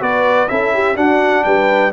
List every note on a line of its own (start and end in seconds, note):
0.00 0.50 B3
0.00 0.48 F#4
0.00 0.49 B4
0.00 0.48 D5
0.48 0.97 C#4
0.48 0.96 E4
0.48 0.74 A4
0.48 0.96 E5
0.74 0.96 G4
0.96 1.92 D4
0.96 1.45 D4
0.96 1.44 F#4
0.96 1.44 F#5
1.44 1.93 G3
1.44 1.94 B4
1.44 1.92 G5